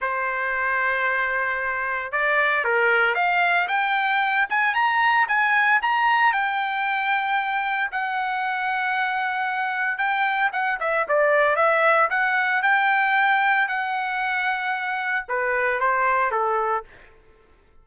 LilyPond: \new Staff \with { instrumentName = "trumpet" } { \time 4/4 \tempo 4 = 114 c''1 | d''4 ais'4 f''4 g''4~ | g''8 gis''8 ais''4 gis''4 ais''4 | g''2. fis''4~ |
fis''2. g''4 | fis''8 e''8 d''4 e''4 fis''4 | g''2 fis''2~ | fis''4 b'4 c''4 a'4 | }